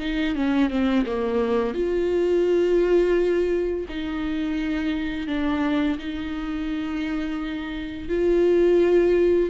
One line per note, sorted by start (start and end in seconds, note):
0.00 0.35 D#4
0.36 0.70 C#4
0.70 1.06 C4
1.07 1.75 A#3
1.75 3.86 F4
3.89 5.27 D#4
5.27 5.98 D4
5.99 8.09 D#4
8.09 9.50 F4